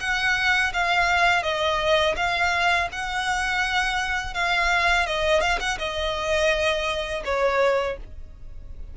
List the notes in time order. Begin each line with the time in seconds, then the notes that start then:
0.00 F#5
0.73 F5
1.43 D#5
2.16 F5
2.92 F#5
4.34 F5
5.06 D#5
5.41 F5
5.60 F#5
5.78 D#5
7.25 C#5